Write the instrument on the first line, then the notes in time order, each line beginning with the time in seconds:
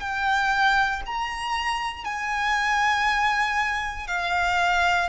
violin
0.00 G5
1.05 A#5
2.04 G#5
4.07 F5